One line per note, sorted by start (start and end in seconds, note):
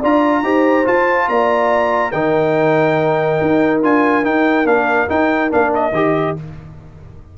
0.00 0.43 D4
0.00 0.44 F4
0.00 0.42 D5
0.00 0.87 A#5
0.43 0.85 D#4
0.43 0.85 G4
0.43 1.29 C5
0.85 2.12 F4
0.85 1.29 F4
0.85 1.29 A5
1.29 2.13 A#3
1.29 2.13 D5
1.29 2.12 A#5
2.12 3.39 D#3
2.12 3.83 D#4
2.12 6.36 A#4
2.12 3.81 G5
3.42 3.84 D#4
3.83 4.25 D4
3.83 4.24 F4
3.83 4.25 G#5
4.24 4.66 D#4
4.24 4.65 D#4
4.24 4.67 G5
4.65 5.07 A#3
4.65 5.08 D4
4.65 5.10 F5
5.09 5.51 D#4
5.09 5.53 D#4
5.09 5.52 G5
5.51 5.92 A#3
5.51 5.93 D4
5.51 5.74 F5
5.75 6.38 D#5
5.92 6.35 D#3
5.92 6.37 G4